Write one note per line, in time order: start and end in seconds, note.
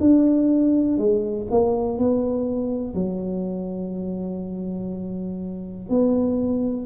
0.00 0.97 D4
0.97 1.47 G#3
1.50 1.98 A#3
1.98 2.94 B3
2.94 5.89 F#3
5.89 6.86 B3